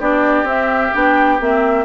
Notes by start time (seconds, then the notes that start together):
0.00 B3 D4 G4 D5
0.44 C4 E5
0.93 B3 D4 G5
1.40 A#3 C4 E5